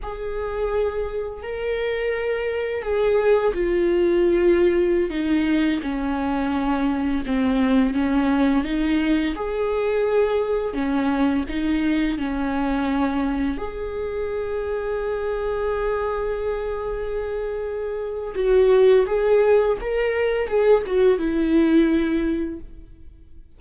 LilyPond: \new Staff \with { instrumentName = "viola" } { \time 4/4 \tempo 4 = 85 gis'2 ais'2 | gis'4 f'2~ f'16 dis'8.~ | dis'16 cis'2 c'4 cis'8.~ | cis'16 dis'4 gis'2 cis'8.~ |
cis'16 dis'4 cis'2 gis'8.~ | gis'1~ | gis'2 fis'4 gis'4 | ais'4 gis'8 fis'8 e'2 | }